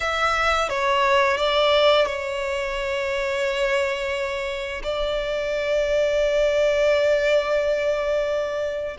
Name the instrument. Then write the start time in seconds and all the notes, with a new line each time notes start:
violin
0.00 E5
0.69 C#5
1.37 D5
2.06 C#5
4.83 D5